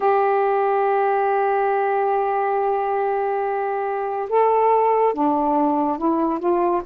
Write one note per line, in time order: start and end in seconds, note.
0.00 4.29 G4
4.29 5.13 A4
5.13 5.98 D4
5.98 6.39 E4
6.39 6.81 F4